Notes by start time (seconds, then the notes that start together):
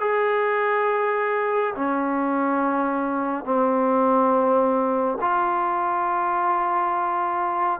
0.00 G#4
1.75 C#4
3.44 C4
5.21 F4